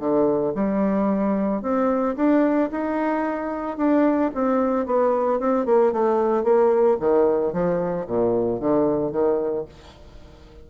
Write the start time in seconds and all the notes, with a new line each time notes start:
0.00 D3
0.55 G3
1.62 C4
2.16 D4
2.72 D#4
3.78 D4
4.34 C4
4.86 B3
5.40 C4
5.66 A#3
5.93 A3
6.44 A#3
7.00 D#3
7.53 F3
8.07 A#2
8.60 D3
9.12 D#3